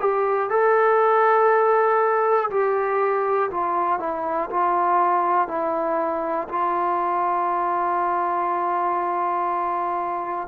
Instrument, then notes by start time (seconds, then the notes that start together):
trombone
0.00 G4
0.50 A4
2.50 G4
3.51 F4
4.00 E4
4.50 F4
5.48 E4
6.49 F4